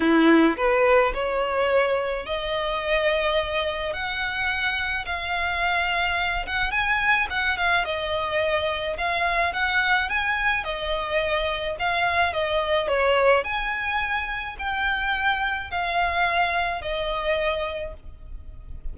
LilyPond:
\new Staff \with { instrumentName = "violin" } { \time 4/4 \tempo 4 = 107 e'4 b'4 cis''2 | dis''2. fis''4~ | fis''4 f''2~ f''8 fis''8 | gis''4 fis''8 f''8 dis''2 |
f''4 fis''4 gis''4 dis''4~ | dis''4 f''4 dis''4 cis''4 | gis''2 g''2 | f''2 dis''2 | }